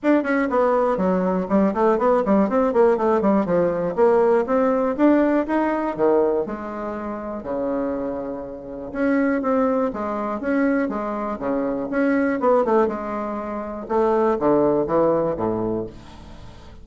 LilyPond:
\new Staff \with { instrumentName = "bassoon" } { \time 4/4 \tempo 4 = 121 d'8 cis'8 b4 fis4 g8 a8 | b8 g8 c'8 ais8 a8 g8 f4 | ais4 c'4 d'4 dis'4 | dis4 gis2 cis4~ |
cis2 cis'4 c'4 | gis4 cis'4 gis4 cis4 | cis'4 b8 a8 gis2 | a4 d4 e4 a,4 | }